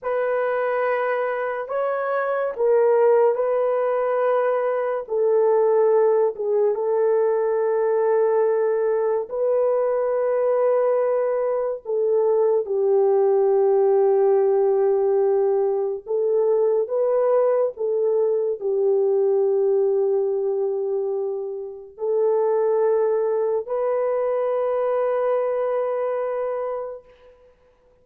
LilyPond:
\new Staff \with { instrumentName = "horn" } { \time 4/4 \tempo 4 = 71 b'2 cis''4 ais'4 | b'2 a'4. gis'8 | a'2. b'4~ | b'2 a'4 g'4~ |
g'2. a'4 | b'4 a'4 g'2~ | g'2 a'2 | b'1 | }